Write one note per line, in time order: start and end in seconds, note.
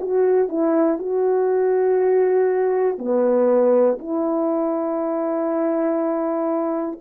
0.00 0.49 F#4
0.49 0.99 E4
0.99 2.99 F#4
2.99 3.99 B3
3.99 6.99 E4